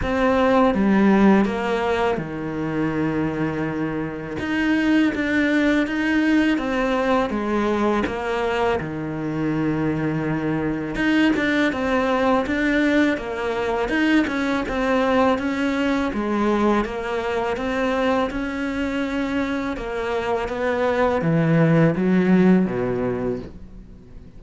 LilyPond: \new Staff \with { instrumentName = "cello" } { \time 4/4 \tempo 4 = 82 c'4 g4 ais4 dis4~ | dis2 dis'4 d'4 | dis'4 c'4 gis4 ais4 | dis2. dis'8 d'8 |
c'4 d'4 ais4 dis'8 cis'8 | c'4 cis'4 gis4 ais4 | c'4 cis'2 ais4 | b4 e4 fis4 b,4 | }